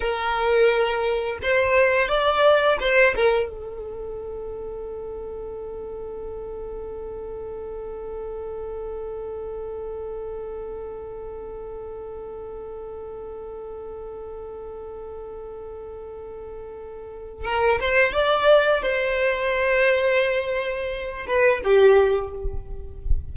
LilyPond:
\new Staff \with { instrumentName = "violin" } { \time 4/4 \tempo 4 = 86 ais'2 c''4 d''4 | c''8 ais'8 a'2.~ | a'1~ | a'1~ |
a'1~ | a'1~ | a'4 ais'8 c''8 d''4 c''4~ | c''2~ c''8 b'8 g'4 | }